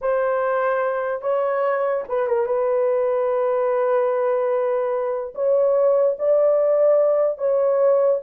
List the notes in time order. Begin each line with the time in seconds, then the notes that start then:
0.01 C5
1.21 C#5
2.08 B4
2.27 A#4
2.46 B4
5.34 C#5
6.18 D5
7.37 C#5